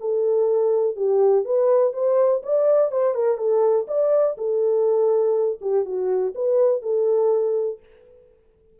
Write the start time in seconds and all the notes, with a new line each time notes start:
0.00 A4
0.96 G4
1.45 B4
1.93 C5
2.42 D5
2.91 C5
3.14 A#4
3.37 A4
3.87 D5
4.37 A4
5.61 G4
5.85 F#4
6.34 B4
6.82 A4